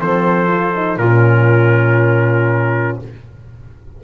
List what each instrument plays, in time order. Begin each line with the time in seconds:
0.00 double bass F3, horn C4, clarinet A4, trumpet C5
0.48 horn F4
0.75 horn D#4
0.97 double bass A#2, clarinet F4, trumpet A#4
1.04 horn C#4